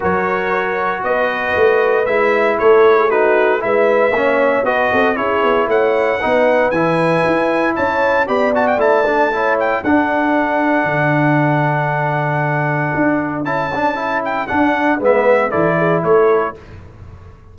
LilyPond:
<<
  \new Staff \with { instrumentName = "trumpet" } { \time 4/4 \tempo 4 = 116 cis''2 dis''2 | e''4 cis''4 b'4 e''4~ | e''4 dis''4 cis''4 fis''4~ | fis''4 gis''2 a''4 |
b''8 a''16 g''16 a''4. g''8 fis''4~ | fis''1~ | fis''2 a''4. g''8 | fis''4 e''4 d''4 cis''4 | }
  \new Staff \with { instrumentName = "horn" } { \time 4/4 ais'2 b'2~ | b'4 a'8. gis'16 fis'4 b'4 | cis''4 b'8 a'8 gis'4 cis''4 | b'2. cis''4 |
d''2 cis''4 a'4~ | a'1~ | a'1~ | a'4 b'4 a'8 gis'8 a'4 | }
  \new Staff \with { instrumentName = "trombone" } { \time 4/4 fis'1 | e'2 dis'4 e'4 | cis'4 fis'4 e'2 | dis'4 e'2. |
g'8 fis'8 e'8 d'8 e'4 d'4~ | d'1~ | d'2 e'8 d'8 e'4 | d'4 b4 e'2 | }
  \new Staff \with { instrumentName = "tuba" } { \time 4/4 fis2 b4 a4 | gis4 a2 gis4 | ais4 b8 c'8 cis'8 b8 a4 | b4 e4 e'4 cis'4 |
b4 a2 d'4~ | d'4 d2.~ | d4 d'4 cis'2 | d'4 gis4 e4 a4 | }
>>